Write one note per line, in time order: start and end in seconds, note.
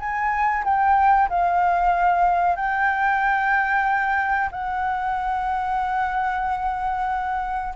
0.00 0.65 G#5
0.65 1.29 G5
1.30 2.56 F5
2.56 4.50 G5
4.52 7.74 F#5